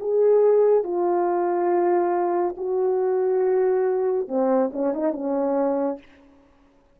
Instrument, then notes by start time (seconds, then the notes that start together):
horn
0.00 G#4
0.84 F4
2.57 F#4
4.28 C4
4.73 C#4
4.94 D#4
5.13 C#4